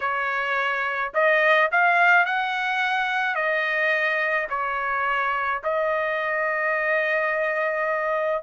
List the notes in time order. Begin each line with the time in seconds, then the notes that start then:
0.00 C#5
1.14 D#5
1.71 F5
2.25 F#5
3.35 D#5
4.49 C#5
5.63 D#5